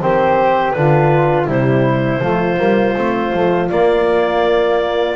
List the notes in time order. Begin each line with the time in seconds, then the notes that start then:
0.00 D#3 C4 G4 C5
0.71 D3 D4 B4
0.78 F4
1.46 C3 G3 E4 C5
2.21 F3 A3 F4
2.56 G3 A#3
2.96 A3 C4
3.33 F3 A3
3.69 A#3 D5